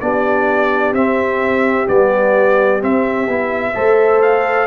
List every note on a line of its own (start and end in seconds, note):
0.00 0.93 B3
0.00 0.94 D4
0.00 3.75 G4
0.00 0.94 D5
0.93 1.86 C4
0.93 1.88 E5
1.86 2.82 G3
1.86 2.80 B3
1.86 2.82 D5
2.80 3.27 C4
2.80 4.22 E5
3.27 3.74 B3
3.27 3.74 E4
3.74 4.66 A3
3.74 4.66 A4
3.74 4.66 C5
4.22 4.66 F5